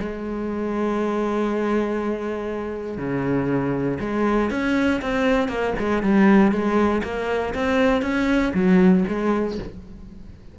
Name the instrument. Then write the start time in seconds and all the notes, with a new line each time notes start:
cello
0.00 G#3
2.98 C#3
4.00 G#3
4.51 C#4
5.02 C4
5.49 A#3
5.79 G#3
6.03 G3
6.52 G#3
7.04 A#3
7.55 C4
8.02 C#4
8.54 F#3
9.08 G#3